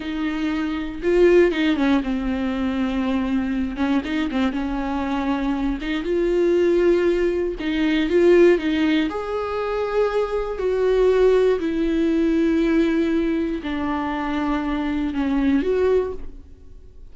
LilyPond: \new Staff \with { instrumentName = "viola" } { \time 4/4 \tempo 4 = 119 dis'2 f'4 dis'8 cis'8 | c'2.~ c'8 cis'8 | dis'8 c'8 cis'2~ cis'8 dis'8 | f'2. dis'4 |
f'4 dis'4 gis'2~ | gis'4 fis'2 e'4~ | e'2. d'4~ | d'2 cis'4 fis'4 | }